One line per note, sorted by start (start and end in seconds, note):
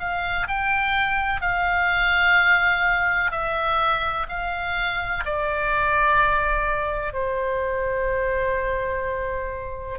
0.00 0.48 F5
0.48 1.42 G5
1.42 3.32 F5
3.32 4.27 E5
4.29 5.25 F5
5.26 7.14 D5
7.14 10.00 C5